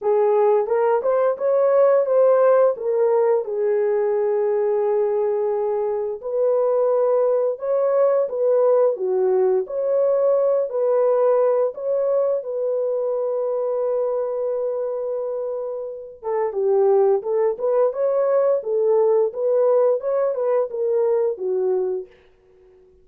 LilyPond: \new Staff \with { instrumentName = "horn" } { \time 4/4 \tempo 4 = 87 gis'4 ais'8 c''8 cis''4 c''4 | ais'4 gis'2.~ | gis'4 b'2 cis''4 | b'4 fis'4 cis''4. b'8~ |
b'4 cis''4 b'2~ | b'2.~ b'8 a'8 | g'4 a'8 b'8 cis''4 a'4 | b'4 cis''8 b'8 ais'4 fis'4 | }